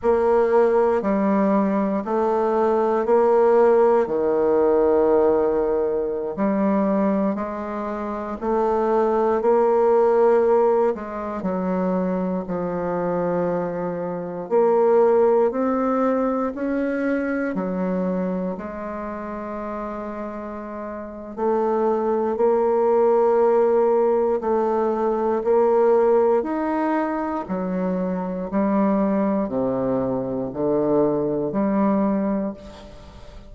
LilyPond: \new Staff \with { instrumentName = "bassoon" } { \time 4/4 \tempo 4 = 59 ais4 g4 a4 ais4 | dis2~ dis16 g4 gis8.~ | gis16 a4 ais4. gis8 fis8.~ | fis16 f2 ais4 c'8.~ |
c'16 cis'4 fis4 gis4.~ gis16~ | gis4 a4 ais2 | a4 ais4 dis'4 fis4 | g4 c4 d4 g4 | }